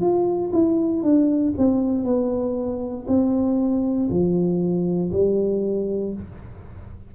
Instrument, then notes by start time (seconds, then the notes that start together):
tuba
0.00 F4
0.53 E4
1.03 D4
1.58 C4
2.04 B3
3.07 C4
4.10 F3
5.12 G3